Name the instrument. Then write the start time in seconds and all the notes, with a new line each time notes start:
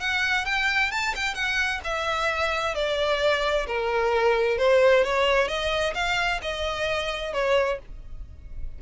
violin
0.00 F#5
0.45 G5
0.91 A5
1.15 G5
1.34 F#5
1.84 E5
2.75 D5
3.67 A#4
4.58 C5
5.04 C#5
5.48 D#5
5.94 F5
6.42 D#5
7.33 C#5